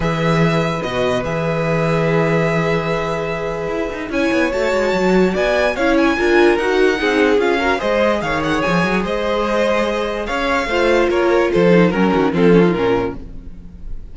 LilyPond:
<<
  \new Staff \with { instrumentName = "violin" } { \time 4/4 \tempo 4 = 146 e''2 dis''4 e''4~ | e''1~ | e''2 gis''4 a''4~ | a''4 gis''4 f''8 gis''4. |
fis''2 f''4 dis''4 | f''8 fis''8 gis''4 dis''2~ | dis''4 f''2 cis''4 | c''4 ais'4 a'4 ais'4 | }
  \new Staff \with { instrumentName = "violin" } { \time 4/4 b'1~ | b'1~ | b'2 cis''2~ | cis''4 d''4 cis''4 ais'4~ |
ais'4 gis'4. ais'8 c''4 | cis''2 c''2~ | c''4 cis''4 c''4 ais'4 | a'4 ais'8 fis'8 f'2 | }
  \new Staff \with { instrumentName = "viola" } { \time 4/4 gis'2 fis'4 gis'4~ | gis'1~ | gis'2 e'4 fis'4~ | fis'2 e'4 f'4 |
fis'4 dis'4 f'8 fis'8 gis'4~ | gis'1~ | gis'2 f'2~ | f'8 dis'8 cis'4 c'8 cis'16 dis'16 cis'4 | }
  \new Staff \with { instrumentName = "cello" } { \time 4/4 e2 b,4 e4~ | e1~ | e4 e'8 dis'8 cis'8 b8 a8 gis8 | fis4 b4 cis'4 d'4 |
dis'4 c'4 cis'4 gis4 | dis4 f8 fis8 gis2~ | gis4 cis'4 a4 ais4 | f4 fis8 dis8 f4 ais,4 | }
>>